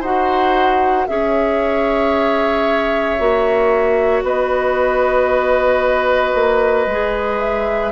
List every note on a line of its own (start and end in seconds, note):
0.00 1.06 D#4
0.00 1.07 F#4
0.00 1.05 C5
0.00 1.06 F#5
1.06 3.19 C#4
1.06 3.18 G#4
1.06 4.24 C#5
1.06 4.22 E5
3.18 4.23 A#3
3.18 6.87 F#4
4.23 6.33 B3
4.23 7.91 B4
4.23 7.39 D#5
6.34 6.86 A#3
6.86 7.91 G#3
6.86 7.91 G#4
7.39 7.91 E5